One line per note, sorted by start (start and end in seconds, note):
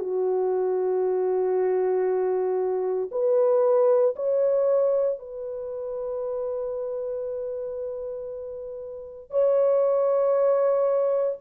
0.00 3.10 F#4
3.12 4.15 B4
4.16 5.20 C#5
5.20 9.31 B4
9.31 11.38 C#5